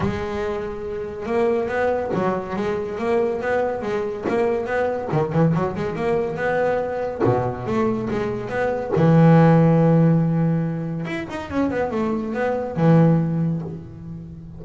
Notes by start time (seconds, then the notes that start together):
0.00 G#3
1.26 A#3
1.68 B3
2.14 F#3
2.56 G#3
2.98 A#3
3.41 B3
3.82 G#3
4.28 A#3
4.65 B3
5.12 D#3
5.32 E3
5.54 F#3
5.76 G#3
5.95 A#3
6.36 B3
7.24 B2
7.66 A3
8.10 G#3
8.49 B3
8.96 E3
11.05 E4
11.29 D#4
11.50 C#4
11.70 B3
11.91 A3
12.33 B3
12.76 E3